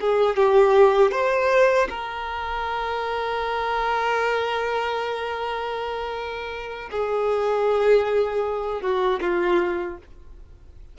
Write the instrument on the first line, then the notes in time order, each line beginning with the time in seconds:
violin
0.00 G#4
0.36 G4
1.11 C5
1.90 A#4
6.91 G#4
8.81 F#4
9.21 F4